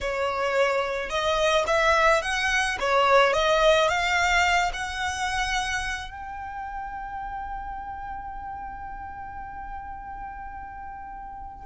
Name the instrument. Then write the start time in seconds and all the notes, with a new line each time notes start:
violin
0.01 C#5
1.09 D#5
1.66 E5
2.21 F#5
2.80 C#5
3.33 D#5
3.88 F5
4.73 F#5
6.10 G5